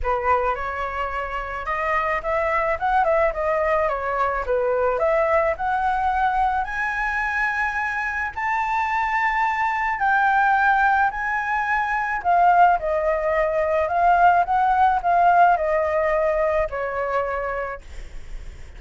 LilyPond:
\new Staff \with { instrumentName = "flute" } { \time 4/4 \tempo 4 = 108 b'4 cis''2 dis''4 | e''4 fis''8 e''8 dis''4 cis''4 | b'4 e''4 fis''2 | gis''2. a''4~ |
a''2 g''2 | gis''2 f''4 dis''4~ | dis''4 f''4 fis''4 f''4 | dis''2 cis''2 | }